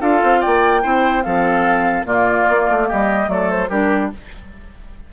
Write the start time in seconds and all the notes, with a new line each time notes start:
0.00 D4 F4 A4 F5
0.23 C4
0.40 A#3 D5 G5
0.81 C4 E4 C5
1.23 F3 C4 A4 F5
2.04 A#2 A#3 F4 D5
2.49 A#3
2.69 A3
2.88 G3 G4 D#5
3.25 F#3 A3 D5
3.32 A4
3.50 C5
3.69 G3 D4 G4 A#4